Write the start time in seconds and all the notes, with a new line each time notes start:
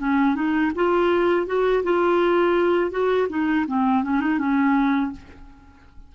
0.00 C#4
0.36 D#4
0.75 F4
1.47 F#4
1.84 F4
2.91 F#4
3.29 D#4
3.68 C4
4.04 C#4
4.21 D#4
4.39 C#4